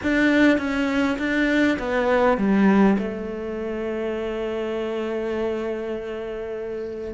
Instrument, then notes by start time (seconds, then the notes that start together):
cello
0.02 D4
0.58 C#4
1.18 D4
1.78 B3
2.37 G3
2.98 A3